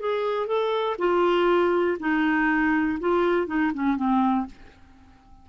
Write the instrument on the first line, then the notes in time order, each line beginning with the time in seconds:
clarinet
0.00 G#4
0.47 A4
0.98 F4
2.00 D#4
3.00 F4
3.47 D#4
3.74 C#4
3.96 C4